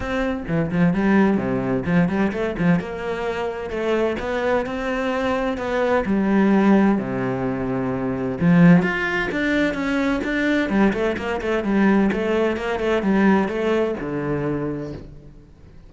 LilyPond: \new Staff \with { instrumentName = "cello" } { \time 4/4 \tempo 4 = 129 c'4 e8 f8 g4 c4 | f8 g8 a8 f8 ais2 | a4 b4 c'2 | b4 g2 c4~ |
c2 f4 f'4 | d'4 cis'4 d'4 g8 a8 | ais8 a8 g4 a4 ais8 a8 | g4 a4 d2 | }